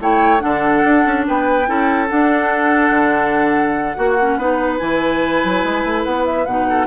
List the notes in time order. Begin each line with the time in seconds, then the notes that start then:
0.00 A3 E4 C#5 G5
0.39 D3 D4 A4 F#5
0.84 D4
1.05 C#4
1.27 B3 B4 G5
1.66 C#4 E4 A4
2.08 D4 F#5
2.90 D3
3.95 A#3 F#4
4.20 C#4
4.37 B3 D#4 B4
4.77 E3 E4 G#5
5.43 F#3
5.64 G#3
5.84 A3
6.03 B3 F#5
6.25 E5
6.45 B2 D#4 F#5
6.69 A4